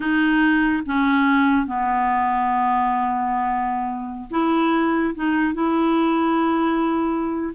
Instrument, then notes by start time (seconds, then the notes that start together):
clarinet
0.00 D#4
0.86 C#4
1.66 B3
4.30 E4
5.15 D#4
5.54 E4